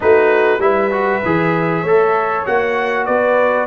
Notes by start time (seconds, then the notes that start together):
0.00 A3 D#4 F#4 B4
0.59 G3 E4 B4 E5
0.91 F#4
1.24 E3 G#4
1.82 A3 A4 C#5
2.45 A#3 F#4 F#5
3.05 B3 B4 D5